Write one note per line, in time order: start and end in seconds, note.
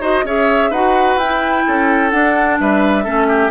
0.00 0.23 D#4
0.00 0.25 F#4
0.00 0.24 C5
0.00 0.26 D#5
0.24 0.71 C#4
0.24 0.73 G#4
0.24 0.70 C#5
0.24 0.72 E5
0.70 1.17 D#4
0.70 1.21 F#4
0.70 1.64 B4
0.70 1.19 F#5
1.17 1.63 E4
1.17 2.11 G5
1.23 2.12 E4
1.66 2.12 C#4
1.66 2.60 A4
2.11 3.05 D4
2.11 2.59 D4
2.11 2.57 F#5
2.60 3.06 G3
2.60 3.04 B4
2.60 3.51 E5
3.04 3.51 A3
3.04 3.51 C#4
3.04 3.27 A4
3.28 3.51 G4